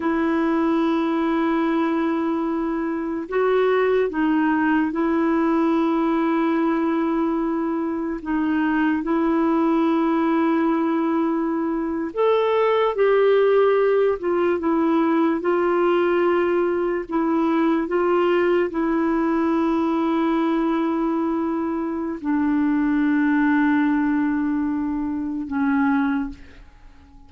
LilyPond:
\new Staff \with { instrumentName = "clarinet" } { \time 4/4 \tempo 4 = 73 e'1 | fis'4 dis'4 e'2~ | e'2 dis'4 e'4~ | e'2~ e'8. a'4 g'16~ |
g'4~ g'16 f'8 e'4 f'4~ f'16~ | f'8. e'4 f'4 e'4~ e'16~ | e'2. d'4~ | d'2. cis'4 | }